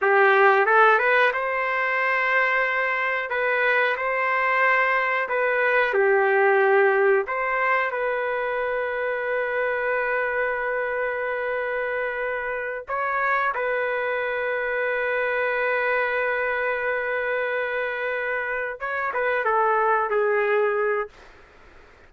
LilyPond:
\new Staff \with { instrumentName = "trumpet" } { \time 4/4 \tempo 4 = 91 g'4 a'8 b'8 c''2~ | c''4 b'4 c''2 | b'4 g'2 c''4 | b'1~ |
b'2.~ b'8 cis''8~ | cis''8 b'2.~ b'8~ | b'1~ | b'8 cis''8 b'8 a'4 gis'4. | }